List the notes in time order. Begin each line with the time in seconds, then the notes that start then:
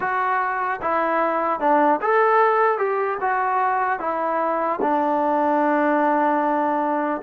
0.00 F#4
0.81 E4
1.60 D4
2.01 A4
2.78 G4
3.20 F#4
3.99 E4
4.81 D4